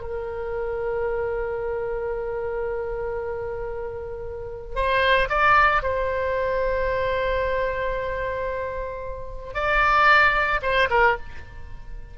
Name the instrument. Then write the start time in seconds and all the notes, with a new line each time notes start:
oboe
0.00 A#4
4.75 C5
5.29 D5
5.82 C5
9.54 D5
10.62 C5
10.90 A#4